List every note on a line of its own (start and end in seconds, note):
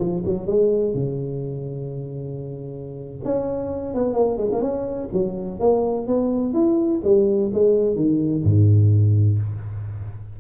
0.00 0.24 F3
0.26 0.47 F#3
0.47 0.94 G#3
0.94 3.21 C#3
3.25 3.95 C#4
3.95 4.14 B3
4.14 4.38 A#3
4.38 4.50 G#3
4.53 4.62 A#3
4.62 5.10 C#4
5.13 5.60 F#3
5.60 6.08 A#3
6.08 6.54 B3
6.54 7.02 E4
7.05 7.52 G3
7.54 7.96 G#3
7.96 8.44 D#3
8.44 9.39 G#2